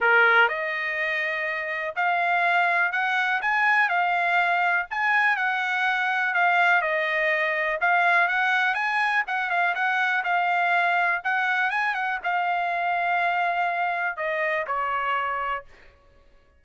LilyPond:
\new Staff \with { instrumentName = "trumpet" } { \time 4/4 \tempo 4 = 123 ais'4 dis''2. | f''2 fis''4 gis''4 | f''2 gis''4 fis''4~ | fis''4 f''4 dis''2 |
f''4 fis''4 gis''4 fis''8 f''8 | fis''4 f''2 fis''4 | gis''8 fis''8 f''2.~ | f''4 dis''4 cis''2 | }